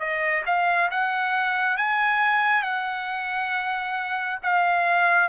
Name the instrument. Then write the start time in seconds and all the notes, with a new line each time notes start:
trumpet
0.00 D#5
0.46 F5
0.91 F#5
1.78 G#5
2.63 F#5
4.43 F5